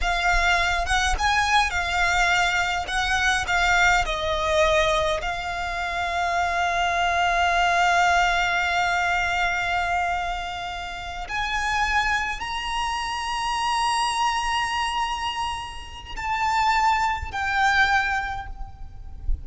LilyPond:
\new Staff \with { instrumentName = "violin" } { \time 4/4 \tempo 4 = 104 f''4. fis''8 gis''4 f''4~ | f''4 fis''4 f''4 dis''4~ | dis''4 f''2.~ | f''1~ |
f''2.~ f''8 gis''8~ | gis''4. ais''2~ ais''8~ | ais''1 | a''2 g''2 | }